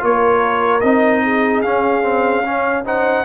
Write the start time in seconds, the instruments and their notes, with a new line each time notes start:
0.00 tuba A#3, trombone F4, horn A#4, trumpet C#5
0.81 tuba C4, trombone D#4, trumpet D#5
1.24 horn G#4
1.62 trombone C#4, tuba C#4, trumpet F5
2.03 trombone C4
2.44 trombone C#4, horn C#5
2.85 trombone D#4, horn C5, trumpet F#5